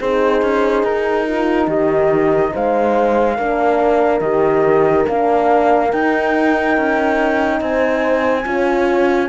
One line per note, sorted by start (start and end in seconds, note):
0.00 0.42 C4
0.00 3.38 D#4
0.00 1.27 G#4
0.00 0.85 C5
0.42 0.83 C#4
0.83 1.67 D#4
0.83 1.69 A#4
1.28 1.67 F4
1.67 2.52 D#3
1.67 2.51 G4
1.67 2.54 D#5
2.52 3.38 G#3
2.52 3.37 C5
2.52 4.20 F5
3.37 4.20 A#3
3.37 4.23 D4
3.37 7.59 A#4
4.20 5.05 D#3
4.20 5.07 G4
4.20 5.05 D#5
5.08 5.92 A#3
5.08 5.89 D4
5.08 5.92 F5
5.89 8.43 D#4
5.89 6.77 D#4
5.89 7.61 G5
6.77 7.60 C#4
7.60 8.45 C4
7.60 8.45 C5
7.60 9.29 G#5
8.45 9.29 C#4
8.45 9.29 F4
8.45 9.29 C#5